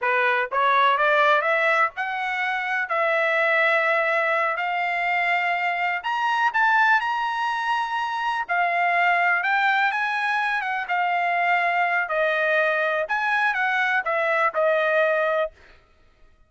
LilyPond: \new Staff \with { instrumentName = "trumpet" } { \time 4/4 \tempo 4 = 124 b'4 cis''4 d''4 e''4 | fis''2 e''2~ | e''4. f''2~ f''8~ | f''8 ais''4 a''4 ais''4.~ |
ais''4. f''2 g''8~ | g''8 gis''4. fis''8 f''4.~ | f''4 dis''2 gis''4 | fis''4 e''4 dis''2 | }